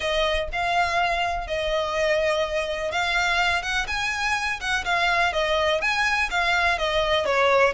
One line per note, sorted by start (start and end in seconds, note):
0.00 0.48 D#5
0.52 1.47 F5
1.47 2.91 D#5
2.91 3.62 F5
3.62 3.86 F#5
3.87 4.60 G#5
4.60 4.84 F#5
4.85 5.32 F5
5.32 5.81 D#5
5.81 6.29 G#5
6.30 6.78 F5
6.78 7.25 D#5
7.25 7.73 C#5